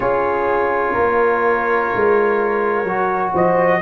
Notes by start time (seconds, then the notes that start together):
0.00 C#4 F4 G#4 C#5
0.93 A#3 A#4
1.94 G#3
2.84 F#3 F#4
3.33 F3 C5 D#5